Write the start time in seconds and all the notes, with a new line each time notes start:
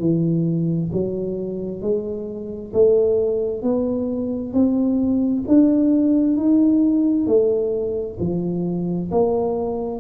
0.00 E3
0.93 F#3
1.82 G#3
2.74 A3
3.63 B3
4.54 C4
5.48 D4
6.37 D#4
7.27 A3
8.20 F3
9.12 A#3